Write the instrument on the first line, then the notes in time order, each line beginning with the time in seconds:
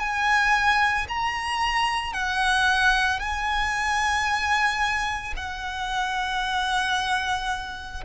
violin
0.00 G#5
1.09 A#5
2.14 F#5
3.20 G#5
5.37 F#5